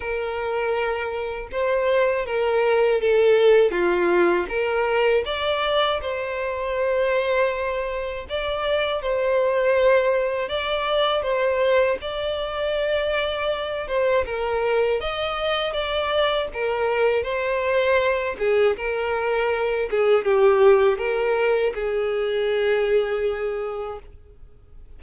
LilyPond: \new Staff \with { instrumentName = "violin" } { \time 4/4 \tempo 4 = 80 ais'2 c''4 ais'4 | a'4 f'4 ais'4 d''4 | c''2. d''4 | c''2 d''4 c''4 |
d''2~ d''8 c''8 ais'4 | dis''4 d''4 ais'4 c''4~ | c''8 gis'8 ais'4. gis'8 g'4 | ais'4 gis'2. | }